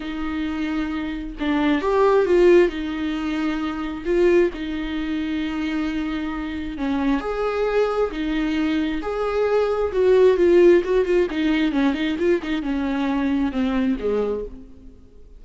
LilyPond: \new Staff \with { instrumentName = "viola" } { \time 4/4 \tempo 4 = 133 dis'2. d'4 | g'4 f'4 dis'2~ | dis'4 f'4 dis'2~ | dis'2. cis'4 |
gis'2 dis'2 | gis'2 fis'4 f'4 | fis'8 f'8 dis'4 cis'8 dis'8 f'8 dis'8 | cis'2 c'4 gis4 | }